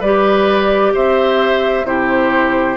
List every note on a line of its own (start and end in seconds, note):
0.00 0.93 G3
0.00 1.85 G4
0.00 0.92 B4
0.00 0.94 D5
0.94 1.84 C4
0.94 1.86 C5
0.94 1.86 E5
1.84 2.76 C3
1.84 2.77 E4
1.84 2.77 G4
1.84 2.77 C5